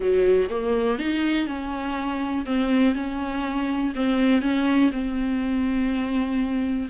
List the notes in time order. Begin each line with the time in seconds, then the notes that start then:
0.00 F#3
0.49 A#3
0.98 D#4
1.46 C#4
2.45 C4
2.95 C#4
3.95 C4
4.41 C#4
4.92 C4